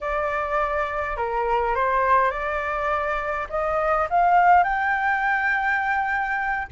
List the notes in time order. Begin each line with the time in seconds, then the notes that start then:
0.00 D5
1.17 A#4
1.75 C5
2.30 D5
3.50 D#5
4.10 F5
4.63 G5